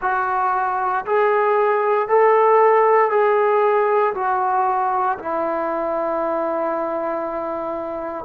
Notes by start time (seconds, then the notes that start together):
0.01 F#4
1.05 G#4
2.08 A4
3.10 G#4
4.14 F#4
5.18 E4